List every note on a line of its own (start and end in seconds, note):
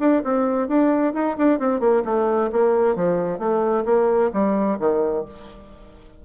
0.00 0.23 D4
0.24 0.68 C4
0.68 1.14 D4
1.14 1.36 D#4
1.38 1.59 D4
1.59 1.80 C4
1.80 2.03 A#3
2.05 2.50 A3
2.52 2.96 A#3
2.96 3.39 F3
3.39 3.84 A3
3.86 4.31 A#3
4.33 4.79 G3
4.80 5.25 D#3